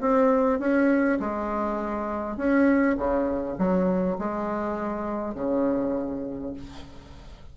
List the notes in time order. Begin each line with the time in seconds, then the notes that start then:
0.00 C4
0.59 C#4
1.20 G#3
2.37 C#4
2.98 C#3
3.58 F#3
4.19 G#3
5.35 C#3